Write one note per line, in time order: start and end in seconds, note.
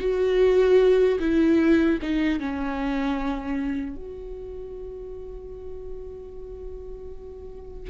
0.00 1.18 F#4
1.19 1.98 E4
2.02 2.39 D#4
2.39 3.96 C#4
3.96 7.90 F#4